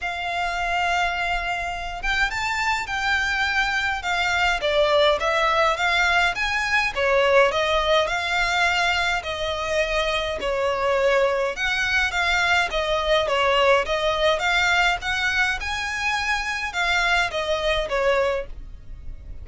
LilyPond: \new Staff \with { instrumentName = "violin" } { \time 4/4 \tempo 4 = 104 f''2.~ f''8 g''8 | a''4 g''2 f''4 | d''4 e''4 f''4 gis''4 | cis''4 dis''4 f''2 |
dis''2 cis''2 | fis''4 f''4 dis''4 cis''4 | dis''4 f''4 fis''4 gis''4~ | gis''4 f''4 dis''4 cis''4 | }